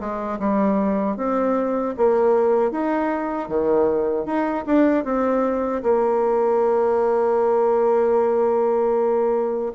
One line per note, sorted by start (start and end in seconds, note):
0.00 0.39 G#3
0.39 1.17 G3
1.17 1.95 C4
1.97 2.71 A#3
2.71 3.49 D#4
3.49 4.25 D#3
4.25 4.64 D#4
4.66 5.05 D4
5.05 5.83 C4
5.83 9.72 A#3